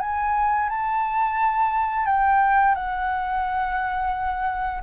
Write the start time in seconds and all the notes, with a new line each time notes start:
0.00 G#5
0.69 A5
2.06 G5
2.74 F#5